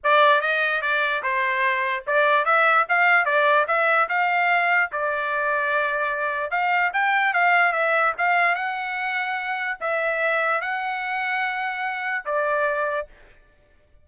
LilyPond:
\new Staff \with { instrumentName = "trumpet" } { \time 4/4 \tempo 4 = 147 d''4 dis''4 d''4 c''4~ | c''4 d''4 e''4 f''4 | d''4 e''4 f''2 | d''1 |
f''4 g''4 f''4 e''4 | f''4 fis''2. | e''2 fis''2~ | fis''2 d''2 | }